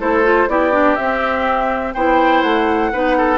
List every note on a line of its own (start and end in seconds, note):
0.00 0.48 A3
0.00 0.24 E4
0.00 0.49 A4
0.00 0.49 C5
0.24 0.48 F4
0.48 0.97 B3
0.48 0.72 E4
0.48 1.94 G4
0.48 0.96 D5
0.72 0.96 D4
0.96 1.95 C4
0.96 1.97 C4
0.96 1.94 E5
1.94 2.43 B3
1.94 2.93 E4
1.94 2.92 C5
1.94 2.42 G5
2.42 2.92 A3
2.42 3.39 F#5
2.93 3.39 B3
2.93 3.39 D#4
2.93 3.17 B4
3.18 3.39 A4